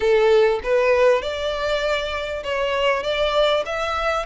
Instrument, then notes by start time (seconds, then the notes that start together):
violin
0.00 A4
0.63 B4
1.21 D5
2.43 C#5
3.03 D5
3.65 E5